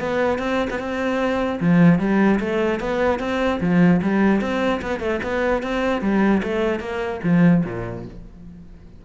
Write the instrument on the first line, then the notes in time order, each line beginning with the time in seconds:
cello
0.00 B3
0.39 C4
0.70 B3
0.79 C4
1.60 F3
1.99 G3
2.40 A3
2.80 B3
3.20 C4
3.61 F3
4.02 G3
4.41 C4
4.82 B3
5.00 A3
5.23 B3
5.62 C4
6.01 G3
6.43 A3
6.80 A#3
7.24 F3
7.65 A#2